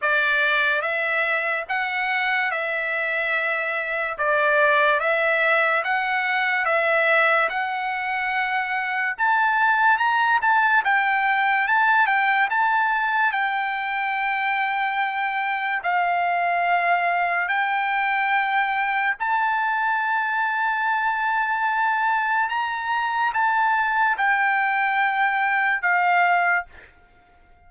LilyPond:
\new Staff \with { instrumentName = "trumpet" } { \time 4/4 \tempo 4 = 72 d''4 e''4 fis''4 e''4~ | e''4 d''4 e''4 fis''4 | e''4 fis''2 a''4 | ais''8 a''8 g''4 a''8 g''8 a''4 |
g''2. f''4~ | f''4 g''2 a''4~ | a''2. ais''4 | a''4 g''2 f''4 | }